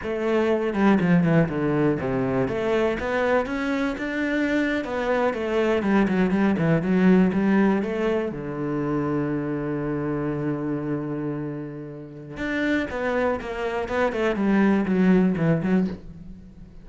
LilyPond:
\new Staff \with { instrumentName = "cello" } { \time 4/4 \tempo 4 = 121 a4. g8 f8 e8 d4 | c4 a4 b4 cis'4 | d'4.~ d'16 b4 a4 g16~ | g16 fis8 g8 e8 fis4 g4 a16~ |
a8. d2.~ d16~ | d1~ | d4 d'4 b4 ais4 | b8 a8 g4 fis4 e8 fis8 | }